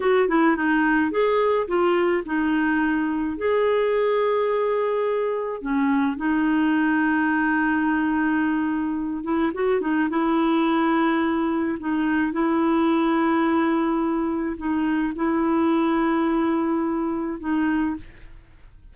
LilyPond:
\new Staff \with { instrumentName = "clarinet" } { \time 4/4 \tempo 4 = 107 fis'8 e'8 dis'4 gis'4 f'4 | dis'2 gis'2~ | gis'2 cis'4 dis'4~ | dis'1~ |
dis'8 e'8 fis'8 dis'8 e'2~ | e'4 dis'4 e'2~ | e'2 dis'4 e'4~ | e'2. dis'4 | }